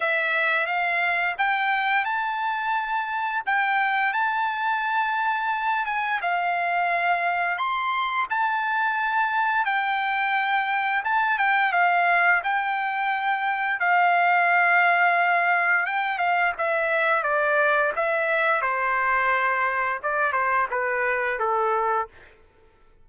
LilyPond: \new Staff \with { instrumentName = "trumpet" } { \time 4/4 \tempo 4 = 87 e''4 f''4 g''4 a''4~ | a''4 g''4 a''2~ | a''8 gis''8 f''2 c'''4 | a''2 g''2 |
a''8 g''8 f''4 g''2 | f''2. g''8 f''8 | e''4 d''4 e''4 c''4~ | c''4 d''8 c''8 b'4 a'4 | }